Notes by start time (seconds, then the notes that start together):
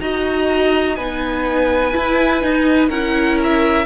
0.00 D#4 F#4 D#5 A#5
0.96 B3 D#4 B4 G#5
1.92 E4
2.41 D#4
2.89 C#4 E4 A#4 F#5
3.43 E5